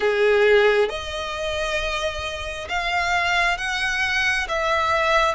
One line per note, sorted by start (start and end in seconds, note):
0.00 0.89 G#4
0.89 2.68 D#5
2.68 3.57 F5
3.57 4.47 F#5
4.48 5.34 E5